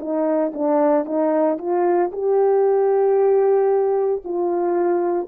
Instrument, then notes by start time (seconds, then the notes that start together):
horn
0.00 D#4
0.54 D4
1.06 D#4
1.59 F4
2.12 G4
4.25 F4